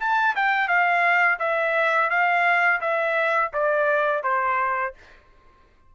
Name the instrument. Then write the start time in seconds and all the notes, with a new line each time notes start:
trumpet
0.00 A5
0.36 G5
0.68 F5
1.40 E5
2.10 F5
2.81 E5
3.53 D5
4.24 C5